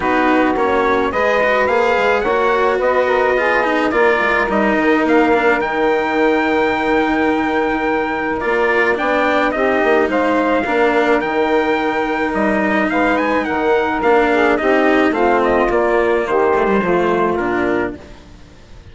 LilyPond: <<
  \new Staff \with { instrumentName = "trumpet" } { \time 4/4 \tempo 4 = 107 b'4 cis''4 dis''4 f''4 | fis''4 dis''2 d''4 | dis''4 f''4 g''2~ | g''2. d''4 |
g''4 dis''4 f''2 | g''2 dis''4 f''8 gis''8 | fis''4 f''4 dis''4 f''8 dis''8 | d''4 c''2 ais'4 | }
  \new Staff \with { instrumentName = "saxophone" } { \time 4/4 fis'2 b'2 | cis''4 b'8 ais'8 gis'4 ais'4~ | ais'1~ | ais'1 |
d''4 g'4 c''4 ais'4~ | ais'2. b'4 | ais'4. gis'8 g'4 f'4~ | f'4 g'4 f'2 | }
  \new Staff \with { instrumentName = "cello" } { \time 4/4 dis'4 cis'4 gis'8 fis'8 gis'4 | fis'2 f'8 dis'8 f'4 | dis'4. d'8 dis'2~ | dis'2. f'4 |
d'4 dis'2 d'4 | dis'1~ | dis'4 d'4 dis'4 c'4 | ais4. a16 g16 a4 d'4 | }
  \new Staff \with { instrumentName = "bassoon" } { \time 4/4 b4 ais4 gis4 ais8 gis8 | ais4 b2 ais8 gis8 | g8 dis8 ais4 dis2~ | dis2. ais4 |
b4 c'8 ais8 gis4 ais4 | dis2 g4 gis4 | dis4 ais4 c'4 a4 | ais4 dis4 f4 ais,4 | }
>>